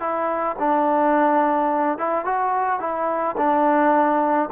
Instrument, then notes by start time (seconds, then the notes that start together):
trombone
0.00 E4
0.59 D4
1.98 E4
2.25 F#4
2.80 E4
3.37 D4